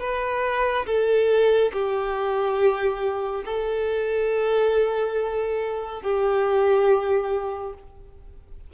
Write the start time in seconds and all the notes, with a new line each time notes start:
0.00 B4
0.86 A4
1.73 G4
3.45 A4
6.02 G4